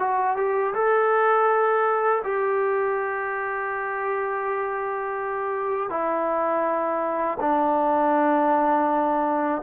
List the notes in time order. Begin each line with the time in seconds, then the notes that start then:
0.00 F#4
0.37 G4
0.75 A4
2.24 G4
5.90 E4
7.40 D4